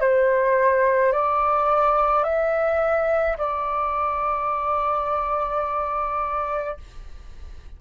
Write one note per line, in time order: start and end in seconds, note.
0.00 1.12 C5
1.12 2.23 D5
2.23 3.37 E5
3.37 6.77 D5